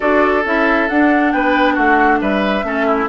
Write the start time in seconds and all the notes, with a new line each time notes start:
0.00 D4 F#4 A4 D5
0.44 C#4 E4 E5
0.88 D4 F#5
1.32 B3 B4 G5
1.74 A3 F#4 F#5
2.20 G3 B4 E5
2.63 A3 C#4 A4
2.86 E4